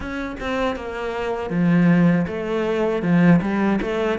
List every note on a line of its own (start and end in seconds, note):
0.00 0.36 C#4
0.40 0.76 C4
0.76 1.49 A#3
1.49 2.25 F3
2.27 3.02 A3
3.02 3.40 F3
3.41 3.79 G3
3.81 4.18 A3